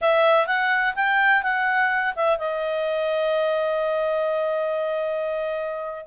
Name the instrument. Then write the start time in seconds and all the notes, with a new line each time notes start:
clarinet
0.01 E5
0.46 F#5
0.95 G5
1.43 F#5
2.15 E5
2.38 D#5